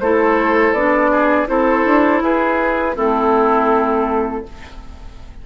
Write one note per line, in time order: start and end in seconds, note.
0.00 0.73 A3
0.00 0.77 E4
0.00 1.12 A4
0.00 0.73 C5
0.73 1.47 B3
0.73 1.47 D4
0.73 1.48 D5
1.12 1.49 G#4
1.47 1.86 C4
1.47 2.95 E4
1.47 2.24 A4
1.47 2.23 C5
1.86 2.22 D4
2.22 2.96 E4
2.22 2.96 G#4
2.22 2.97 B4
2.96 4.45 A3
2.96 4.44 C4
2.96 4.44 E4
2.96 4.46 A4